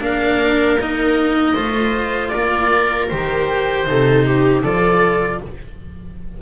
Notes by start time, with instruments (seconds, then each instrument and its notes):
0.00 double bass A#3, cello D4, viola A#4, oboe F5
0.80 cello D#4, oboe D#5
1.54 double bass A3, cello F4, viola C5
2.28 viola A#4, oboe D5
2.34 double bass A#3
3.08 double bass D#3, cello G4, oboe C5
3.86 double bass C3, cello D#4, viola A4
4.26 viola G4
4.62 double bass F3, cello F4, viola A4, oboe D5